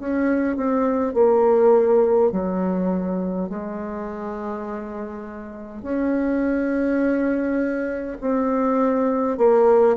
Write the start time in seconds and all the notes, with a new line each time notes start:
0.00 C#4
0.57 C4
1.14 A#3
2.32 F#3
3.50 G#3
5.82 C#4
8.21 C4
9.38 A#3